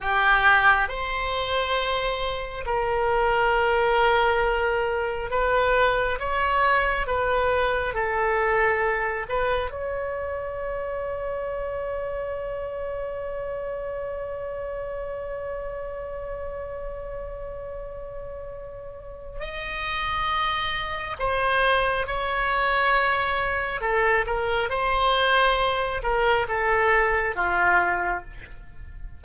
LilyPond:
\new Staff \with { instrumentName = "oboe" } { \time 4/4 \tempo 4 = 68 g'4 c''2 ais'4~ | ais'2 b'4 cis''4 | b'4 a'4. b'8 cis''4~ | cis''1~ |
cis''1~ | cis''2 dis''2 | c''4 cis''2 a'8 ais'8 | c''4. ais'8 a'4 f'4 | }